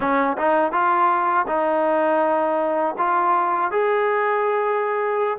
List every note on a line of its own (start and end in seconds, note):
0.00 0.37 C#4
0.37 0.71 D#4
0.71 1.45 F4
1.47 2.95 D#4
2.98 3.71 F4
3.71 5.38 G#4